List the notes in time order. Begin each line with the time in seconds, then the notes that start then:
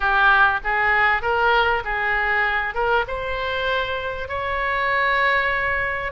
0.00 G4
0.64 G#4
1.22 A#4
1.84 G#4
2.74 A#4
3.07 C5
4.28 C#5